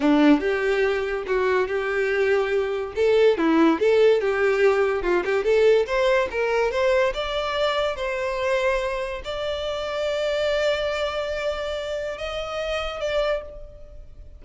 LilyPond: \new Staff \with { instrumentName = "violin" } { \time 4/4 \tempo 4 = 143 d'4 g'2 fis'4 | g'2. a'4 | e'4 a'4 g'2 | f'8 g'8 a'4 c''4 ais'4 |
c''4 d''2 c''4~ | c''2 d''2~ | d''1~ | d''4 dis''2 d''4 | }